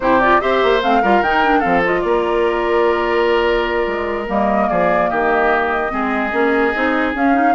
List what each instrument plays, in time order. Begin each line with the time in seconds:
0.00 bassoon C3, clarinet E4, oboe G4, flute C5
0.20 clarinet F4, flute D5
0.40 bassoon C4, clarinet G4, oboe C5, flute E5
0.62 bassoon A#3
0.82 bassoon A3, clarinet C4, flute F5
1.01 bassoon G3, clarinet F4, oboe A#4
1.21 bassoon D#3, clarinet D#4, flute G5
1.44 clarinet D4
1.59 bassoon F3, clarinet C4, oboe A4, flute F5
1.84 clarinet F4, flute D#5
2.00 bassoon A#3, oboe A#4, flute D5
3.86 bassoon G#3
4.27 bassoon G3, clarinet A#3, flute D#5
4.68 bassoon F3, oboe G#4, flute D5
5.09 bassoon D#3, oboe G4, flute D#5
5.89 bassoon G#3, clarinet C4, oboe G#4
6.31 bassoon A#3, clarinet C#4
6.75 bassoon C4, clarinet D#4
7.14 clarinet C#4, bassoon C#4, flute F5
7.34 clarinet D#4